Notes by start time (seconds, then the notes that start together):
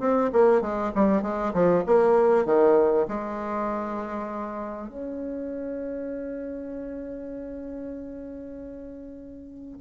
0.00 C4
0.33 A#3
0.62 G#3
0.95 G3
1.22 G#3
1.54 F3
1.86 A#3
2.46 D#3
3.08 G#3
4.89 C#4